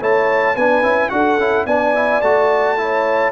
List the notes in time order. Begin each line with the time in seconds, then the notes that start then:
0.00 A3 E4 C#5 A5
0.55 B3 D4 B4 G#5
0.83 C#4 E4
1.10 D4 F#4 A4 F#5
1.38 C#4 E4
1.66 B3 D4 D5 G#5
1.95 E4
2.22 A3 F#4 A5
2.78 E4 C#5